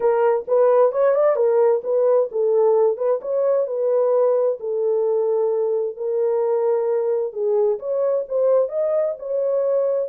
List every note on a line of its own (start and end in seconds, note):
0.00 0.45 A#4
0.47 0.92 B4
0.92 1.15 C#5
1.15 1.36 D5
1.36 1.81 A#4
1.83 2.29 B4
2.31 2.97 A4
2.97 3.20 B4
3.21 3.66 C#5
3.66 4.58 B4
4.59 5.96 A4
5.96 7.33 A#4
7.33 7.78 G#4
7.79 8.24 C#5
8.28 8.69 C5
8.69 9.14 D#5
9.18 10.09 C#5